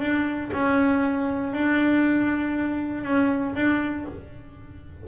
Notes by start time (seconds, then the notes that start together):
0.00 D4
0.52 C#4
1.53 D4
3.04 C#4
3.55 D4